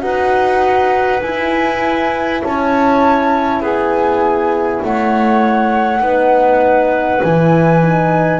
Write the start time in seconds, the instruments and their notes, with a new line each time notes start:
0.00 double bass D#4, horn F#4, clarinet B4, flute F#5
1.22 double bass E4, horn E4, flute G#5
2.43 double bass C#4, clarinet C#5, flute A5
3.60 double bass B3, clarinet G#4, flute G#5
4.83 double bass A3, clarinet C#5, flute F#5
6.01 double bass B3, horn D#4, clarinet B4
7.22 double bass E3, horn E4, flute G#5
7.82 horn D#4